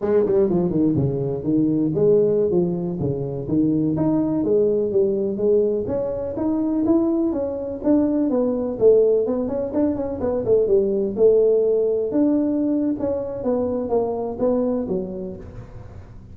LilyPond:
\new Staff \with { instrumentName = "tuba" } { \time 4/4 \tempo 4 = 125 gis8 g8 f8 dis8 cis4 dis4 | gis4~ gis16 f4 cis4 dis8.~ | dis16 dis'4 gis4 g4 gis8.~ | gis16 cis'4 dis'4 e'4 cis'8.~ |
cis'16 d'4 b4 a4 b8 cis'16~ | cis'16 d'8 cis'8 b8 a8 g4 a8.~ | a4~ a16 d'4.~ d'16 cis'4 | b4 ais4 b4 fis4 | }